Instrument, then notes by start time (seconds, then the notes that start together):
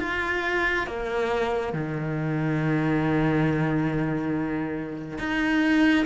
cello
0.00 F4
0.87 A#3
1.74 D#3
5.19 D#4